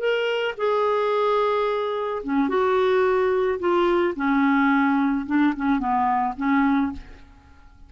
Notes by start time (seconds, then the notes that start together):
0.00 A#4
0.58 G#4
2.24 C#4
2.49 F#4
3.60 F4
4.16 C#4
5.27 D4
5.57 C#4
5.79 B3
6.38 C#4